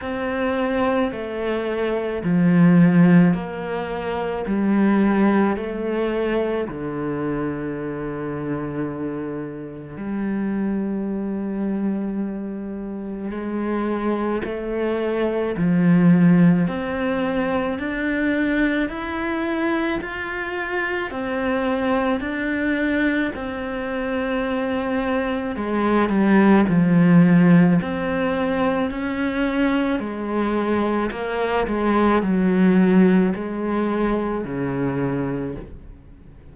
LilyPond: \new Staff \with { instrumentName = "cello" } { \time 4/4 \tempo 4 = 54 c'4 a4 f4 ais4 | g4 a4 d2~ | d4 g2. | gis4 a4 f4 c'4 |
d'4 e'4 f'4 c'4 | d'4 c'2 gis8 g8 | f4 c'4 cis'4 gis4 | ais8 gis8 fis4 gis4 cis4 | }